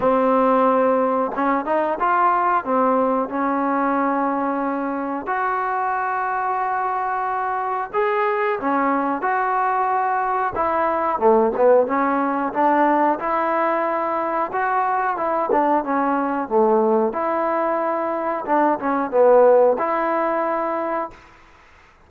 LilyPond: \new Staff \with { instrumentName = "trombone" } { \time 4/4 \tempo 4 = 91 c'2 cis'8 dis'8 f'4 | c'4 cis'2. | fis'1 | gis'4 cis'4 fis'2 |
e'4 a8 b8 cis'4 d'4 | e'2 fis'4 e'8 d'8 | cis'4 a4 e'2 | d'8 cis'8 b4 e'2 | }